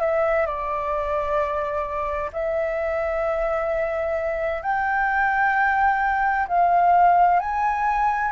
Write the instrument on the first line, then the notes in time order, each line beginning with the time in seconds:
flute
0.00 E5
0.46 D5
2.32 E5
4.62 G5
6.47 F5
7.39 G#5